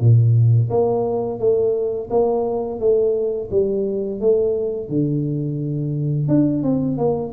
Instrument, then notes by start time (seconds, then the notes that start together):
tuba
0.00 A#2
0.70 A#3
1.40 A3
2.10 A#3
2.80 A3
3.51 G3
4.21 A3
4.89 D3
6.28 D4
6.63 C4
6.98 A#3